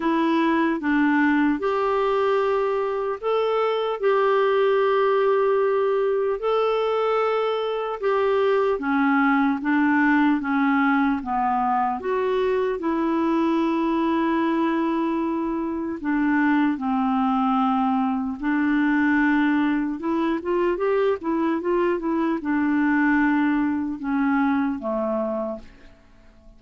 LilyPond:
\new Staff \with { instrumentName = "clarinet" } { \time 4/4 \tempo 4 = 75 e'4 d'4 g'2 | a'4 g'2. | a'2 g'4 cis'4 | d'4 cis'4 b4 fis'4 |
e'1 | d'4 c'2 d'4~ | d'4 e'8 f'8 g'8 e'8 f'8 e'8 | d'2 cis'4 a4 | }